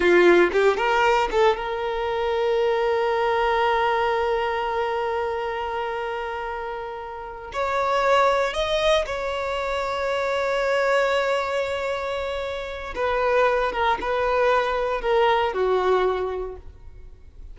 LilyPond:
\new Staff \with { instrumentName = "violin" } { \time 4/4 \tempo 4 = 116 f'4 g'8 ais'4 a'8 ais'4~ | ais'1~ | ais'1~ | ais'2~ ais'8 cis''4.~ |
cis''8 dis''4 cis''2~ cis''8~ | cis''1~ | cis''4 b'4. ais'8 b'4~ | b'4 ais'4 fis'2 | }